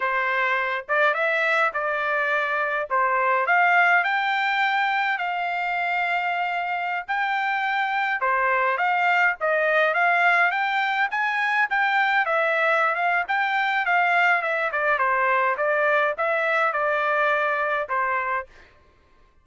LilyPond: \new Staff \with { instrumentName = "trumpet" } { \time 4/4 \tempo 4 = 104 c''4. d''8 e''4 d''4~ | d''4 c''4 f''4 g''4~ | g''4 f''2.~ | f''16 g''2 c''4 f''8.~ |
f''16 dis''4 f''4 g''4 gis''8.~ | gis''16 g''4 e''4~ e''16 f''8 g''4 | f''4 e''8 d''8 c''4 d''4 | e''4 d''2 c''4 | }